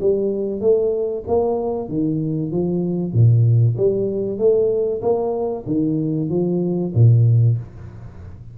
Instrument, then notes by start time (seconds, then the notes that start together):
tuba
0.00 G3
0.60 A3
1.27 A#3
1.88 D#3
2.51 F3
3.13 A#2
3.77 G3
4.38 A3
5.02 A#3
5.66 D#3
6.29 F3
6.94 A#2